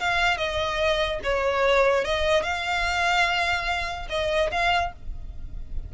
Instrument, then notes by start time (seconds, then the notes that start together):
violin
0.00 F5
0.38 D#5
1.24 C#5
2.05 D#5
2.43 F5
4.10 D#5
4.51 F5